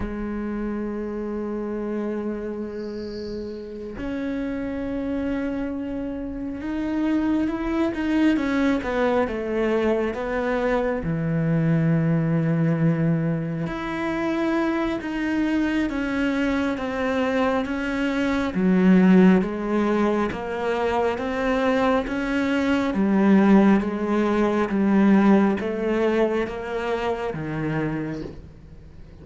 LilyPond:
\new Staff \with { instrumentName = "cello" } { \time 4/4 \tempo 4 = 68 gis1~ | gis8 cis'2. dis'8~ | dis'8 e'8 dis'8 cis'8 b8 a4 b8~ | b8 e2. e'8~ |
e'4 dis'4 cis'4 c'4 | cis'4 fis4 gis4 ais4 | c'4 cis'4 g4 gis4 | g4 a4 ais4 dis4 | }